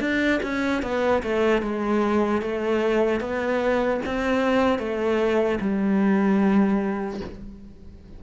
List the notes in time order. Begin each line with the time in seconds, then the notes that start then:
0.00 D4
0.43 C#4
0.82 B3
1.23 A3
1.62 G#3
2.41 A3
3.20 B3
4.05 C4
4.79 A3
5.60 G3